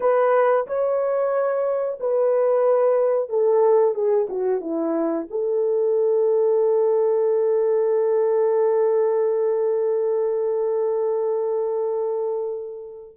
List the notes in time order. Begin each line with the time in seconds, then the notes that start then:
0.00 B4
0.67 C#5
1.99 B4
3.29 A4
3.94 G#4
4.29 F#4
4.61 E4
5.30 A4